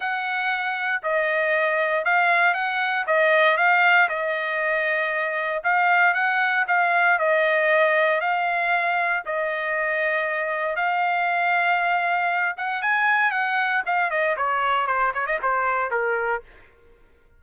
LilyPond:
\new Staff \with { instrumentName = "trumpet" } { \time 4/4 \tempo 4 = 117 fis''2 dis''2 | f''4 fis''4 dis''4 f''4 | dis''2. f''4 | fis''4 f''4 dis''2 |
f''2 dis''2~ | dis''4 f''2.~ | f''8 fis''8 gis''4 fis''4 f''8 dis''8 | cis''4 c''8 cis''16 dis''16 c''4 ais'4 | }